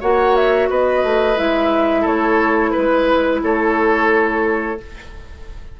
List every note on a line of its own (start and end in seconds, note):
0.00 0.69 A#3
0.00 1.37 F#4
0.00 0.68 C#5
0.00 0.35 F#5
0.35 0.69 E5
0.69 1.03 B3
0.69 2.01 B4
0.69 1.38 D#5
1.03 1.37 A3
1.37 2.05 G#3
1.37 4.77 E4
1.37 2.06 E5
2.01 2.74 A3
2.01 2.69 A4
2.01 2.71 C#5
2.71 3.39 B4
2.71 3.41 B4
2.77 3.42 G#3
3.42 4.79 A3
3.42 4.80 A4
3.42 4.80 C#5